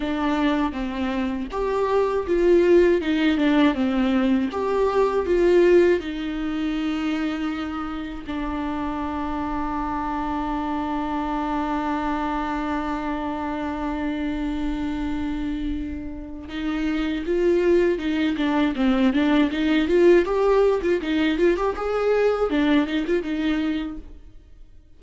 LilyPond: \new Staff \with { instrumentName = "viola" } { \time 4/4 \tempo 4 = 80 d'4 c'4 g'4 f'4 | dis'8 d'8 c'4 g'4 f'4 | dis'2. d'4~ | d'1~ |
d'1~ | d'2 dis'4 f'4 | dis'8 d'8 c'8 d'8 dis'8 f'8 g'8. f'16 | dis'8 f'16 g'16 gis'4 d'8 dis'16 f'16 dis'4 | }